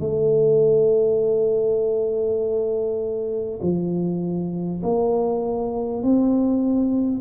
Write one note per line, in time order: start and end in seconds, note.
0.00 3.60 A3
3.63 4.83 F3
4.83 6.03 A#3
6.03 7.21 C4